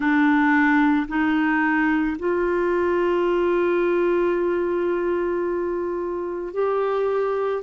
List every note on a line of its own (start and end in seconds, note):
0.00 1.07 D4
1.08 2.17 D#4
2.18 6.53 F4
6.53 7.62 G4